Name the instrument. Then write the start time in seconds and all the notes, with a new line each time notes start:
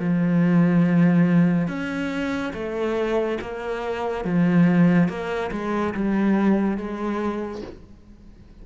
cello
0.00 F3
1.68 C#4
2.54 A3
3.41 A#3
4.25 F3
5.09 A#3
5.52 G#3
5.95 G3
6.78 G#3